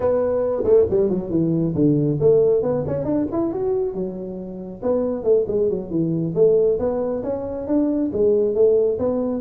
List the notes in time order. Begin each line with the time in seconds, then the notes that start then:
0.00 B3
0.64 A3
0.90 G3
1.09 F#3
1.30 E3
1.74 D3
2.19 A3
2.62 B3
2.87 C#4
3.04 D4
3.31 E4
3.52 F#4
3.93 F#3
4.82 B3
5.23 A3
5.47 G#3
5.69 F#3
5.90 E3
6.35 A3
6.79 B3
7.23 C#4
7.67 D4
8.12 G#3
8.54 A3
8.98 B3